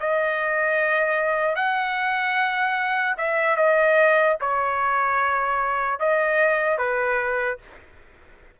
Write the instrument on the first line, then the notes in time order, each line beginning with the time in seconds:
trumpet
0.00 D#5
1.55 F#5
3.17 E5
3.56 D#5
4.40 C#5
5.99 D#5
6.78 B4